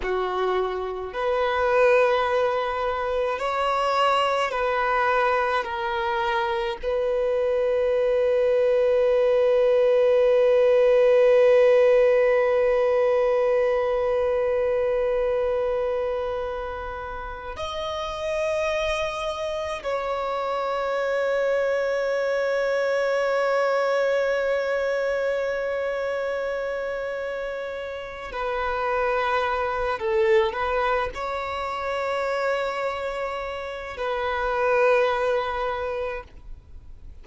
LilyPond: \new Staff \with { instrumentName = "violin" } { \time 4/4 \tempo 4 = 53 fis'4 b'2 cis''4 | b'4 ais'4 b'2~ | b'1~ | b'2.~ b'8 dis''8~ |
dis''4. cis''2~ cis''8~ | cis''1~ | cis''4 b'4. a'8 b'8 cis''8~ | cis''2 b'2 | }